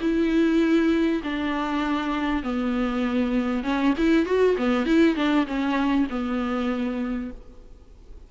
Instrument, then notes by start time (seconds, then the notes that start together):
viola
0.00 E4
1.23 D4
2.42 B3
3.63 C#4
3.97 E4
4.25 F#4
4.57 B3
4.86 E4
5.15 D4
5.46 C#4
6.10 B3